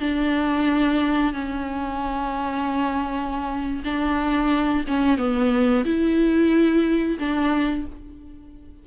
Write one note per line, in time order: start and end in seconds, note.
0.00 1.33 D4
1.33 3.83 C#4
3.85 4.85 D4
4.88 5.18 C#4
5.18 5.84 B3
5.85 7.18 E4
7.19 7.85 D4